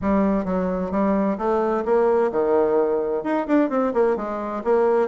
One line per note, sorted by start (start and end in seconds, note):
0.01 0.44 G3
0.44 0.91 F#3
0.91 1.37 G3
1.37 1.84 A3
1.85 2.31 A#3
2.31 3.23 D#3
3.23 3.46 D#4
3.47 3.69 D4
3.69 3.92 C4
3.93 4.16 A#3
4.16 4.62 G#3
4.64 5.08 A#3